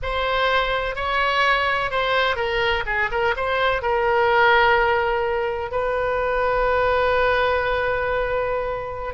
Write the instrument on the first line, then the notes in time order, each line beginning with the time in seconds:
oboe
0.02 C5
0.95 C#5
1.90 C5
2.35 A#4
2.86 G#4
3.11 A#4
3.36 C5
3.82 A#4
5.71 B4